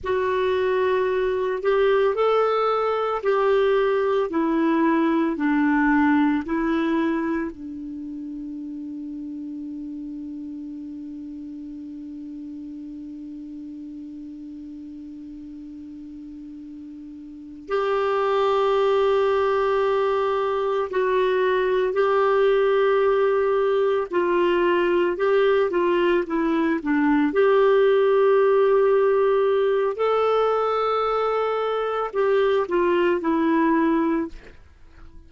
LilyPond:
\new Staff \with { instrumentName = "clarinet" } { \time 4/4 \tempo 4 = 56 fis'4. g'8 a'4 g'4 | e'4 d'4 e'4 d'4~ | d'1~ | d'1~ |
d'8 g'2. fis'8~ | fis'8 g'2 f'4 g'8 | f'8 e'8 d'8 g'2~ g'8 | a'2 g'8 f'8 e'4 | }